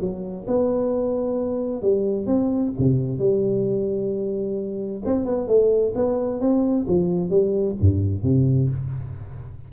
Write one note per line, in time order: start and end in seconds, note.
0.00 0.46 F#3
0.47 1.82 B3
1.82 2.26 G3
2.26 2.72 C4
2.78 3.18 C3
3.18 5.02 G3
5.05 5.25 C4
5.25 5.47 B3
5.47 5.93 A3
5.95 6.40 B3
6.40 6.86 C4
6.87 7.29 F3
7.29 7.75 G3
7.80 8.23 G2
8.23 8.69 C3